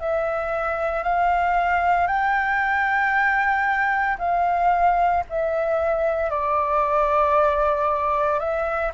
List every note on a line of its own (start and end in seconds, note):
0.00 1.03 E5
1.03 2.07 F5
2.07 4.18 G5
4.19 5.24 F5
5.30 6.30 E5
6.30 8.39 D5
8.39 8.92 E5